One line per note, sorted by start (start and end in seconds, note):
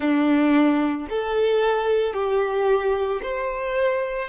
0.00 1.07 D4
1.10 2.13 A4
2.13 3.20 G4
3.22 4.29 C5